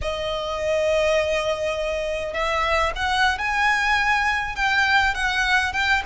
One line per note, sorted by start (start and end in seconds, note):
0.01 2.33 D#5
2.33 2.92 E5
2.95 3.38 F#5
3.38 4.55 G#5
4.55 5.14 G5
5.14 5.72 F#5
5.72 6.02 G5